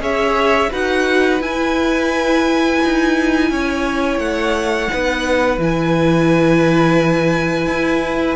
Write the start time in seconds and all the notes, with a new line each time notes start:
0.00 C#4 G#4 C#5 E5
0.70 D#4 F#4 B4 F#5
1.41 E4 G#5
2.84 D#4
3.50 C#4 C#5
4.18 A3 F#5
4.91 B3 D#4 B4
5.58 E3 E4 G#5
7.67 E4